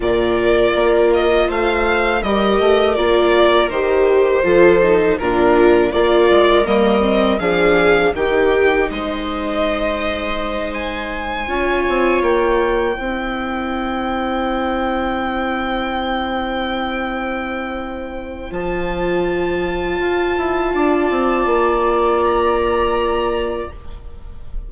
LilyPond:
<<
  \new Staff \with { instrumentName = "violin" } { \time 4/4 \tempo 4 = 81 d''4. dis''8 f''4 dis''4 | d''4 c''2 ais'4 | d''4 dis''4 f''4 g''4 | dis''2~ dis''8 gis''4.~ |
gis''8 g''2.~ g''8~ | g''1~ | g''4 a''2.~ | a''2 ais''2 | }
  \new Staff \with { instrumentName = "viola" } { \time 4/4 ais'2 c''4 ais'4~ | ais'2 a'4 f'4 | ais'2 gis'4 g'4 | c''2.~ c''8 cis''8~ |
cis''4. c''2~ c''8~ | c''1~ | c''1 | d''1 | }
  \new Staff \with { instrumentName = "viola" } { \time 4/4 f'2. g'4 | f'4 g'4 f'8 dis'8 d'4 | f'4 ais8 c'8 d'4 dis'4~ | dis'2.~ dis'8 f'8~ |
f'4. e'2~ e'8~ | e'1~ | e'4 f'2.~ | f'1 | }
  \new Staff \with { instrumentName = "bassoon" } { \time 4/4 ais,4 ais4 a4 g8 a8 | ais4 dis4 f4 ais,4 | ais8 gis8 g4 f4 dis4 | gis2.~ gis8 cis'8 |
c'8 ais4 c'2~ c'8~ | c'1~ | c'4 f2 f'8 e'8 | d'8 c'8 ais2. | }
>>